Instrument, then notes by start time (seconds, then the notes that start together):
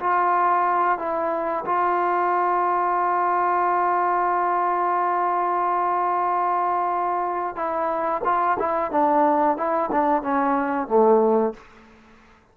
trombone
0.00 F4
0.98 E4
1.65 F4
7.56 E4
8.24 F4
8.59 E4
8.91 D4
9.57 E4
9.92 D4
10.22 C#4
10.87 A3